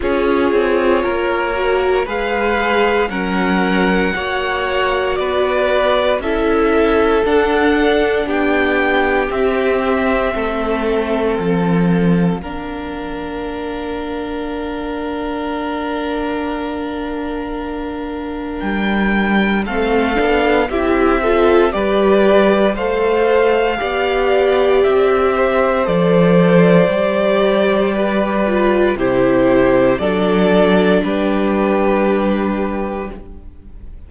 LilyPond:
<<
  \new Staff \with { instrumentName = "violin" } { \time 4/4 \tempo 4 = 58 cis''2 f''4 fis''4~ | fis''4 d''4 e''4 fis''4 | g''4 e''2 f''4~ | f''1~ |
f''2 g''4 f''4 | e''4 d''4 f''2 | e''4 d''2. | c''4 d''4 b'2 | }
  \new Staff \with { instrumentName = "violin" } { \time 4/4 gis'4 ais'4 b'4 ais'4 | cis''4 b'4 a'2 | g'2 a'2 | ais'1~ |
ais'2. a'4 | g'8 a'8 b'4 c''4 d''4~ | d''8 c''2~ c''8 b'4 | g'4 a'4 g'2 | }
  \new Staff \with { instrumentName = "viola" } { \time 4/4 f'4. fis'8 gis'4 cis'4 | fis'2 e'4 d'4~ | d'4 c'2. | d'1~ |
d'2. c'8 d'8 | e'8 f'8 g'4 a'4 g'4~ | g'4 a'4 g'4. f'8 | e'4 d'2. | }
  \new Staff \with { instrumentName = "cello" } { \time 4/4 cis'8 c'8 ais4 gis4 fis4 | ais4 b4 cis'4 d'4 | b4 c'4 a4 f4 | ais1~ |
ais2 g4 a8 b8 | c'4 g4 a4 b4 | c'4 f4 g2 | c4 fis4 g2 | }
>>